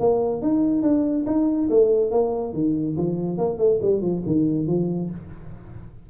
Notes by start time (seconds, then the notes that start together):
0.00 A#3
0.42 D#4
0.82 D4
1.26 D#4
1.70 A3
2.11 A#3
2.53 D#3
2.97 F3
3.38 A#3
3.58 A3
3.82 G3
4.01 F3
4.26 D#3
4.67 F3